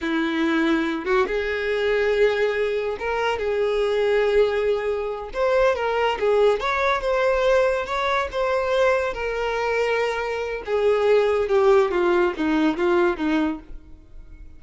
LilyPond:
\new Staff \with { instrumentName = "violin" } { \time 4/4 \tempo 4 = 141 e'2~ e'8 fis'8 gis'4~ | gis'2. ais'4 | gis'1~ | gis'8 c''4 ais'4 gis'4 cis''8~ |
cis''8 c''2 cis''4 c''8~ | c''4. ais'2~ ais'8~ | ais'4 gis'2 g'4 | f'4 dis'4 f'4 dis'4 | }